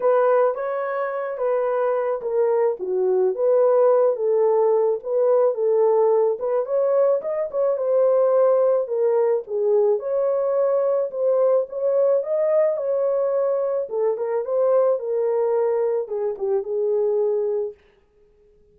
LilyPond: \new Staff \with { instrumentName = "horn" } { \time 4/4 \tempo 4 = 108 b'4 cis''4. b'4. | ais'4 fis'4 b'4. a'8~ | a'4 b'4 a'4. b'8 | cis''4 dis''8 cis''8 c''2 |
ais'4 gis'4 cis''2 | c''4 cis''4 dis''4 cis''4~ | cis''4 a'8 ais'8 c''4 ais'4~ | ais'4 gis'8 g'8 gis'2 | }